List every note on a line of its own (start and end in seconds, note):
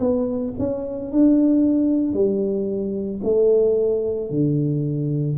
0.00 0.54 B3
0.58 1.12 C#4
1.12 2.13 D4
2.13 3.20 G3
3.23 4.30 A3
4.30 5.37 D3